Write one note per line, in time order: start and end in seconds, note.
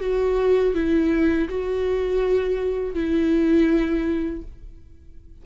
0.00 0.74 F#4
0.74 1.48 E4
1.48 2.94 F#4
2.94 4.42 E4